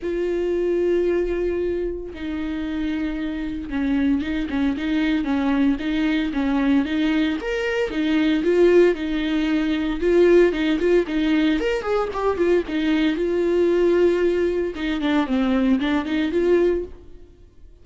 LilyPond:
\new Staff \with { instrumentName = "viola" } { \time 4/4 \tempo 4 = 114 f'1 | dis'2. cis'4 | dis'8 cis'8 dis'4 cis'4 dis'4 | cis'4 dis'4 ais'4 dis'4 |
f'4 dis'2 f'4 | dis'8 f'8 dis'4 ais'8 gis'8 g'8 f'8 | dis'4 f'2. | dis'8 d'8 c'4 d'8 dis'8 f'4 | }